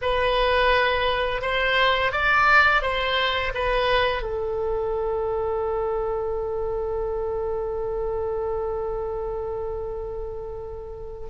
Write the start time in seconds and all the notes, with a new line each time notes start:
0.01 B4
1.41 C5
2.11 D5
2.81 C5
3.54 B4
4.22 A4